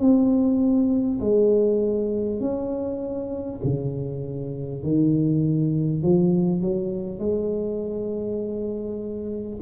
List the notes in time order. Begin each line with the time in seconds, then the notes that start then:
0.00 C4
1.21 G#3
2.41 C#4
3.64 C#3
4.83 D#3
6.03 F3
6.62 F#3
7.19 G#3